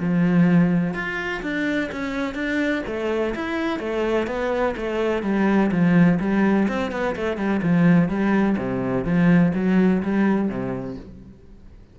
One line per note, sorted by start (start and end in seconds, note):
0.00 0.94 F3
0.94 1.41 F4
1.42 1.90 D4
1.92 2.35 C#4
2.35 2.82 D4
2.87 3.34 A3
3.35 3.79 E4
3.79 4.27 A3
4.27 4.75 B3
4.76 5.23 A3
5.23 5.70 G3
5.71 6.19 F3
6.20 6.67 G3
6.68 6.92 C4
6.92 7.15 B3
7.16 7.37 A3
7.37 7.61 G3
7.63 8.09 F3
8.09 8.56 G3
8.57 9.05 C3
9.05 9.52 F3
9.55 10.02 F#3
10.03 10.49 G3
10.49 10.96 C3